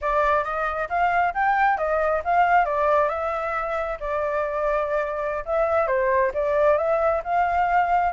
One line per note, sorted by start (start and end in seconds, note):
0.01 0.43 D5
0.43 0.88 D#5
0.89 1.33 F5
1.34 1.77 G5
1.77 2.22 D#5
2.24 2.65 F5
2.65 3.08 D5
3.08 3.97 E5
4.00 5.44 D5
5.45 5.87 E5
5.87 6.31 C5
6.34 6.77 D5
6.77 7.22 E5
7.24 8.12 F5